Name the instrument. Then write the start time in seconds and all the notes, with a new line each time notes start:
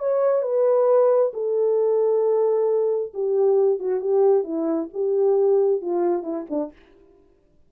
horn
0.00 C#5
0.43 B4
1.34 A4
3.14 G4
3.80 F#4
4.01 G4
4.44 E4
4.94 G4
5.82 F4
6.24 E4
6.50 D4